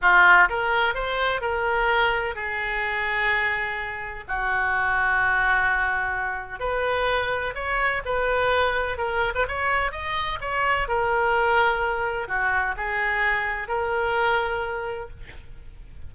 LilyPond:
\new Staff \with { instrumentName = "oboe" } { \time 4/4 \tempo 4 = 127 f'4 ais'4 c''4 ais'4~ | ais'4 gis'2.~ | gis'4 fis'2.~ | fis'2 b'2 |
cis''4 b'2 ais'8. b'16 | cis''4 dis''4 cis''4 ais'4~ | ais'2 fis'4 gis'4~ | gis'4 ais'2. | }